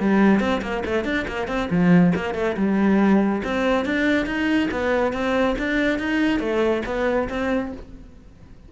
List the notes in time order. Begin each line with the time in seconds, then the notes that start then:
0.00 G3
0.40 C4
0.62 A#3
0.85 A3
1.04 D4
1.27 A#3
1.48 C4
1.70 F3
2.15 A#3
2.34 A3
2.57 G3
3.44 C4
3.85 D4
4.26 D#4
4.71 B3
5.13 C4
5.58 D4
5.99 D#4
6.40 A3
6.85 B3
7.29 C4